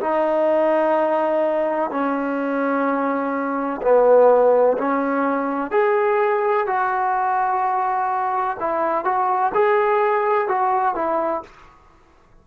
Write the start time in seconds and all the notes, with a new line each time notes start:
0.00 D#4
1.90 C#4
3.81 B3
4.77 C#4
5.71 G#4
6.67 F#4
8.60 E4
9.04 F#4
9.54 G#4
10.48 F#4
10.95 E4